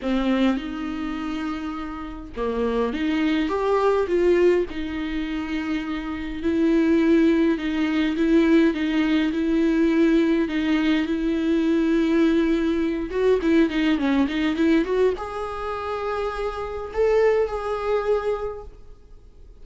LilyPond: \new Staff \with { instrumentName = "viola" } { \time 4/4 \tempo 4 = 103 c'4 dis'2. | ais4 dis'4 g'4 f'4 | dis'2. e'4~ | e'4 dis'4 e'4 dis'4 |
e'2 dis'4 e'4~ | e'2~ e'8 fis'8 e'8 dis'8 | cis'8 dis'8 e'8 fis'8 gis'2~ | gis'4 a'4 gis'2 | }